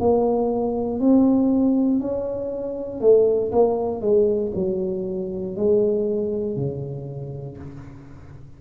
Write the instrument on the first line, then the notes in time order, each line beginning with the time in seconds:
tuba
0.00 A#3
1.00 C4
2.01 C#4
3.01 A3
3.52 A#3
4.01 G#3
4.55 F#3
5.57 G#3
6.56 C#3